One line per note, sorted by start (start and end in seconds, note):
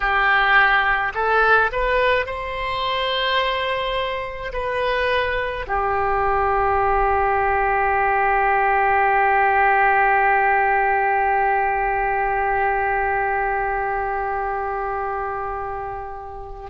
0.00 1.12 G4
1.14 1.70 A4
1.72 2.25 B4
2.25 4.52 C5
4.52 5.66 B4
5.67 16.70 G4